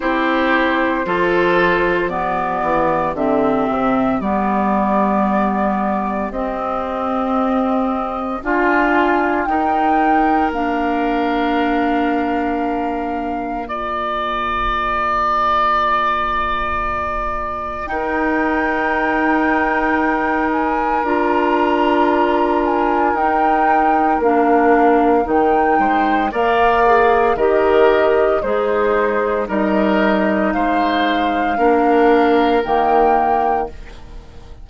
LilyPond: <<
  \new Staff \with { instrumentName = "flute" } { \time 4/4 \tempo 4 = 57 c''2 d''4 e''4 | d''2 dis''2 | gis''4 g''4 f''2~ | f''4 ais''2.~ |
ais''4 g''2~ g''8 gis''8 | ais''4. gis''8 g''4 f''4 | g''4 f''4 dis''4 c''4 | dis''4 f''2 g''4 | }
  \new Staff \with { instrumentName = "oboe" } { \time 4/4 g'4 a'4 g'2~ | g'1 | f'4 ais'2.~ | ais'4 d''2.~ |
d''4 ais'2.~ | ais'1~ | ais'8 c''8 d''4 ais'4 dis'4 | ais'4 c''4 ais'2 | }
  \new Staff \with { instrumentName = "clarinet" } { \time 4/4 e'4 f'4 b4 c'4 | b2 c'2 | f'4 dis'4 d'2~ | d'4 f'2.~ |
f'4 dis'2. | f'2 dis'4 d'4 | dis'4 ais'8 gis'8 g'4 gis'4 | dis'2 d'4 ais4 | }
  \new Staff \with { instrumentName = "bassoon" } { \time 4/4 c'4 f4. e8 d8 c8 | g2 c'2 | d'4 dis'4 ais2~ | ais1~ |
ais4 dis'2. | d'2 dis'4 ais4 | dis8 gis8 ais4 dis4 gis4 | g4 gis4 ais4 dis4 | }
>>